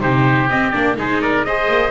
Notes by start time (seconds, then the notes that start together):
0.00 C3 D#4 G4 C5
0.49 C4 D#5
0.71 A#3 D4 D5
0.96 G#3 D#4 G#4 C5
1.22 A#4 D5
1.45 G#4 C5 D#5
1.68 A#3